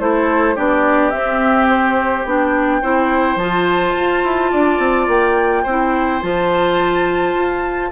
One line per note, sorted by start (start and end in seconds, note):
0.00 0.57 A3
0.00 0.56 E4
0.00 0.55 A4
0.00 0.57 C5
0.55 1.13 B3
0.55 1.12 D4
0.55 2.82 G4
0.55 1.10 D5
1.10 2.25 C4
1.10 1.67 E5
1.70 2.26 C5
2.25 2.82 B3
2.25 2.83 D4
2.25 3.39 G5
2.82 3.36 C4
2.82 3.39 E4
2.82 4.52 C5
3.36 3.93 F3
3.36 5.66 F4
3.36 5.08 A5
3.96 4.24 F4
4.24 4.52 E4
4.52 4.79 D4
4.52 5.63 D5
4.79 5.07 C4
5.08 5.64 A#3
5.08 6.22 G5
5.63 6.23 C4
5.63 7.90 C5
5.69 6.22 E4
6.22 7.35 F3
6.22 7.92 F4
6.22 7.92 A5
7.35 7.92 F4